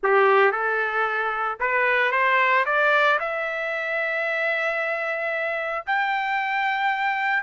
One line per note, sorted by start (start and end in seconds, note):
0.03 0.51 G4
0.51 1.58 A4
1.60 2.11 B4
2.11 2.64 C5
2.65 3.19 D5
3.19 5.85 E5
5.86 7.43 G5